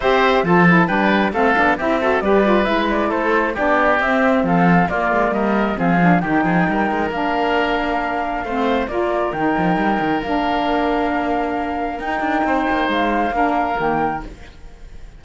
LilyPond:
<<
  \new Staff \with { instrumentName = "flute" } { \time 4/4 \tempo 4 = 135 e''4 a''4 g''4 f''4 | e''4 d''4 e''8 d''8 c''4 | d''4 e''4 f''4 d''4 | dis''4 f''4 g''2 |
f''1 | d''4 g''2 f''4~ | f''2. g''4~ | g''4 f''2 g''4 | }
  \new Staff \with { instrumentName = "oboe" } { \time 4/4 c''4 a'4 b'4 a'4 | g'8 a'8 b'2 a'4 | g'2 a'4 f'4 | ais'4 gis'4 g'8 gis'8 ais'4~ |
ais'2. c''4 | ais'1~ | ais'1 | c''2 ais'2 | }
  \new Staff \with { instrumentName = "saxophone" } { \time 4/4 g'4 f'8 e'8 d'4 c'8 d'8 | e'8 fis'8 g'8 f'8 e'2 | d'4 c'2 ais4~ | ais4 c'8 d'8 dis'2 |
d'2. c'4 | f'4 dis'2 d'4~ | d'2. dis'4~ | dis'2 d'4 ais4 | }
  \new Staff \with { instrumentName = "cello" } { \time 4/4 c'4 f4 g4 a8 b8 | c'4 g4 gis4 a4 | b4 c'4 f4 ais8 gis8 | g4 f4 dis8 f8 g8 gis8 |
ais2. a4 | ais4 dis8 f8 g8 dis8 ais4~ | ais2. dis'8 d'8 | c'8 ais8 gis4 ais4 dis4 | }
>>